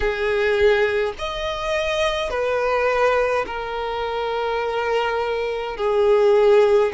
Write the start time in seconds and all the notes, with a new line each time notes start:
0.00 G#4
1.18 D#5
2.30 B4
3.46 A#4
5.76 G#4